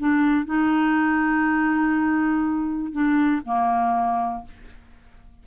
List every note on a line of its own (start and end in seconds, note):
0.00 0.46 D4
0.46 2.93 D#4
2.93 3.42 D4
3.46 4.45 A#3